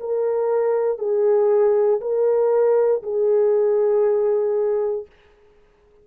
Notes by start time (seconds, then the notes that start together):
0.00 A#4
0.98 G#4
2.01 A#4
3.03 G#4